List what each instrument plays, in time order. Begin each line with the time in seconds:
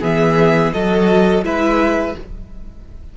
0.00 cello E3, viola B3, violin G#4 E5
0.72 cello F#3, viola F#4, violin A4 D#5
1.43 cello G#3, viola E4, violin B4 E5